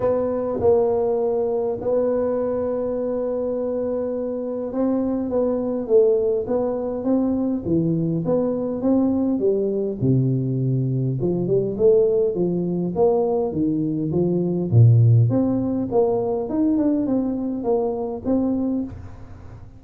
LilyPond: \new Staff \with { instrumentName = "tuba" } { \time 4/4 \tempo 4 = 102 b4 ais2 b4~ | b1 | c'4 b4 a4 b4 | c'4 e4 b4 c'4 |
g4 c2 f8 g8 | a4 f4 ais4 dis4 | f4 ais,4 c'4 ais4 | dis'8 d'8 c'4 ais4 c'4 | }